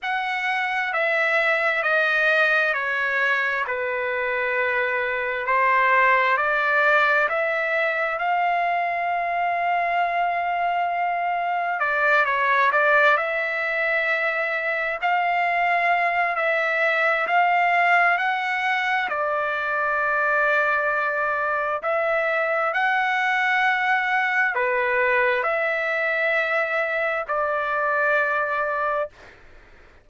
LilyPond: \new Staff \with { instrumentName = "trumpet" } { \time 4/4 \tempo 4 = 66 fis''4 e''4 dis''4 cis''4 | b'2 c''4 d''4 | e''4 f''2.~ | f''4 d''8 cis''8 d''8 e''4.~ |
e''8 f''4. e''4 f''4 | fis''4 d''2. | e''4 fis''2 b'4 | e''2 d''2 | }